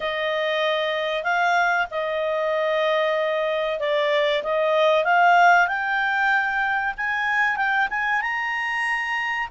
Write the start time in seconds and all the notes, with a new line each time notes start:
0.00 D#5
1.23 F5
1.90 D#5
3.79 D5
4.43 D#5
5.04 F5
5.67 G5
6.97 G#5
7.56 G5
7.90 G#5
8.21 A#5